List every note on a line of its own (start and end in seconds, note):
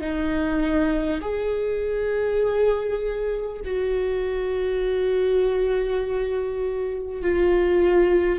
0.00 1.20 D#4
1.21 3.61 G#4
3.64 7.22 F#4
7.22 8.39 F4